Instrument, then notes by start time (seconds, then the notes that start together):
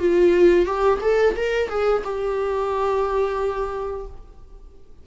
viola
0.00 F4
0.66 G4
1.01 A4
1.36 A#4
1.69 G#4
2.04 G4